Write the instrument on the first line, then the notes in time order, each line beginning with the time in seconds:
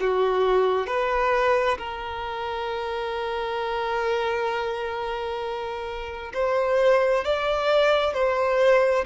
violin
0.00 F#4
0.86 B4
1.78 A#4
6.33 C5
7.24 D5
8.13 C5